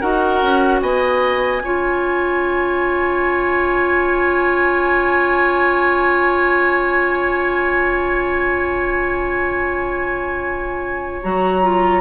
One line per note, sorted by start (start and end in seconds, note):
0.00 0.42 D#4
0.00 1.60 F#4
0.00 0.80 A#4
0.00 0.80 F#5
0.42 0.81 C#4
0.81 1.61 B3
0.81 1.62 D#5
0.81 11.21 G#5
1.61 11.21 C#4
1.61 11.23 F4
1.61 12.01 C#5
11.23 12.01 F#3
11.23 11.62 F#4
11.23 12.01 A#5
11.62 12.01 F4